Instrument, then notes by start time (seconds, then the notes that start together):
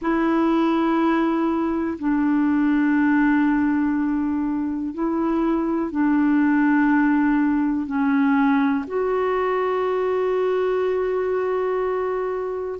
clarinet
0.01 E4
1.99 D4
4.94 E4
5.91 D4
7.86 C#4
8.87 F#4